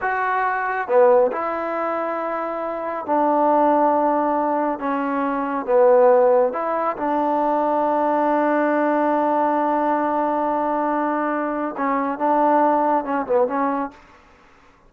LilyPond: \new Staff \with { instrumentName = "trombone" } { \time 4/4 \tempo 4 = 138 fis'2 b4 e'4~ | e'2. d'4~ | d'2. cis'4~ | cis'4 b2 e'4 |
d'1~ | d'1~ | d'2. cis'4 | d'2 cis'8 b8 cis'4 | }